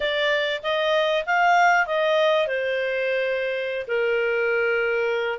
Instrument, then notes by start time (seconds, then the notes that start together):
clarinet
0.00 D5
0.62 D#5
1.26 F5
1.86 D#5
2.47 C5
3.87 A#4